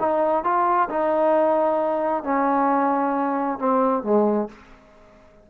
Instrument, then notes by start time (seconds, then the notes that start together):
trombone
0.00 D#4
0.44 F4
0.90 D#4
2.24 C#4
3.59 C4
4.04 G#3